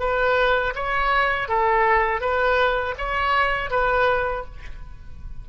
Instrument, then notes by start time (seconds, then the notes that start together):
oboe
0.00 B4
0.75 C#5
1.49 A4
2.21 B4
2.99 C#5
3.71 B4